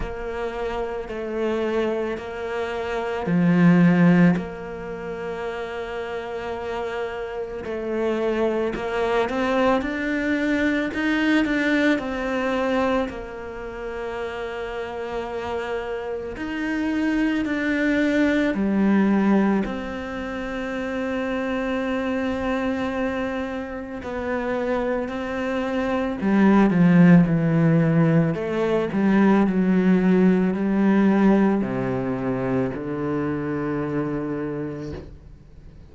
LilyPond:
\new Staff \with { instrumentName = "cello" } { \time 4/4 \tempo 4 = 55 ais4 a4 ais4 f4 | ais2. a4 | ais8 c'8 d'4 dis'8 d'8 c'4 | ais2. dis'4 |
d'4 g4 c'2~ | c'2 b4 c'4 | g8 f8 e4 a8 g8 fis4 | g4 c4 d2 | }